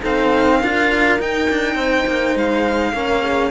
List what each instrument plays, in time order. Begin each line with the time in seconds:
0.00 cello C4 D#4, horn A4, violin F5
0.60 cello D4 F4, horn A#4
1.19 cello D#4, violin G5
1.50 cello D4
1.75 cello C4, horn C5
2.07 cello A#3
2.35 cello G#3, violin F5
2.93 cello A#3 C#4, horn A#4
3.22 horn G#4